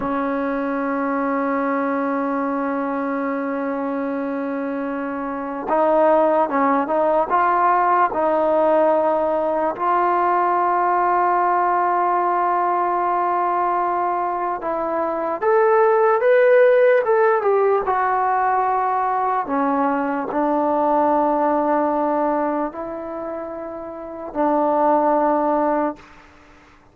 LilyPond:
\new Staff \with { instrumentName = "trombone" } { \time 4/4 \tempo 4 = 74 cis'1~ | cis'2. dis'4 | cis'8 dis'8 f'4 dis'2 | f'1~ |
f'2 e'4 a'4 | b'4 a'8 g'8 fis'2 | cis'4 d'2. | e'2 d'2 | }